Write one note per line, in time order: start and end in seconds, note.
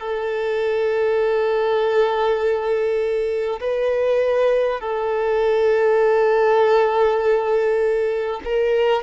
0.00 3.60 A4
3.60 4.80 B4
4.80 8.40 A4
8.44 9.03 A#4